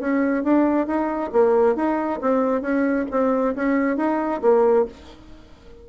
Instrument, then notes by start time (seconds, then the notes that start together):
bassoon
0.00 C#4
0.44 D4
0.87 D#4
1.33 A#3
1.76 D#4
2.22 C4
2.62 C#4
3.11 C4
3.56 C#4
3.97 D#4
4.42 A#3